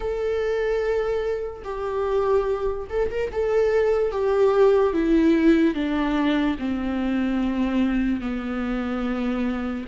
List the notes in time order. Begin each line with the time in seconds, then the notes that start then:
0.00 A4
1.64 G4
2.89 A4
3.10 A#4
3.31 A4
4.11 G4
4.93 E4
5.74 D4
6.59 C4
8.20 B3